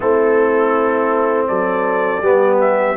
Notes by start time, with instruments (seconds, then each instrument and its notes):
0.00 tuba A3, trombone C4, horn E4, trumpet A4
1.47 tuba F#3, horn A4, trumpet D5
2.20 tuba G3, trombone B3, horn G4
2.60 trumpet E5